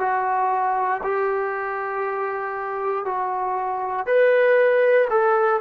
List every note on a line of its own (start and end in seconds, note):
0.00 1.02 F#4
1.04 3.06 G4
3.06 4.07 F#4
4.07 5.08 B4
5.10 5.61 A4